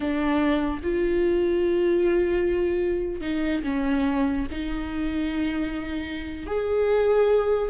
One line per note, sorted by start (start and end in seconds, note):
0.00 0.80 D4
0.82 3.21 F4
3.21 3.62 D#4
3.63 4.46 C#4
4.51 6.46 D#4
6.46 7.69 G#4